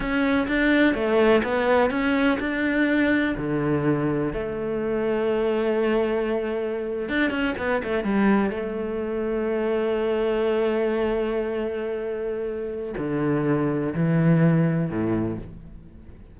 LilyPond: \new Staff \with { instrumentName = "cello" } { \time 4/4 \tempo 4 = 125 cis'4 d'4 a4 b4 | cis'4 d'2 d4~ | d4 a2.~ | a2~ a8. d'8 cis'8 b16~ |
b16 a8 g4 a2~ a16~ | a1~ | a2. d4~ | d4 e2 a,4 | }